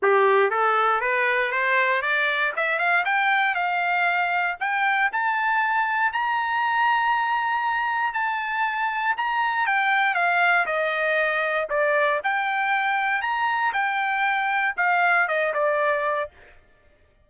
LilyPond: \new Staff \with { instrumentName = "trumpet" } { \time 4/4 \tempo 4 = 118 g'4 a'4 b'4 c''4 | d''4 e''8 f''8 g''4 f''4~ | f''4 g''4 a''2 | ais''1 |
a''2 ais''4 g''4 | f''4 dis''2 d''4 | g''2 ais''4 g''4~ | g''4 f''4 dis''8 d''4. | }